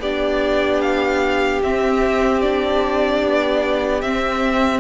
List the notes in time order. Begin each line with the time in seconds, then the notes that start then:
0.00 B3 D4 G4 D5
0.82 F5
1.63 C4 E5
2.42 D4 D5
3.23 B3
4.02 C4 E5